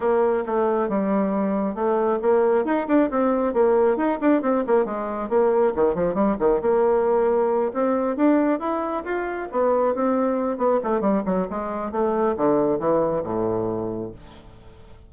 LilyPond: \new Staff \with { instrumentName = "bassoon" } { \time 4/4 \tempo 4 = 136 ais4 a4 g2 | a4 ais4 dis'8 d'8 c'4 | ais4 dis'8 d'8 c'8 ais8 gis4 | ais4 dis8 f8 g8 dis8 ais4~ |
ais4. c'4 d'4 e'8~ | e'8 f'4 b4 c'4. | b8 a8 g8 fis8 gis4 a4 | d4 e4 a,2 | }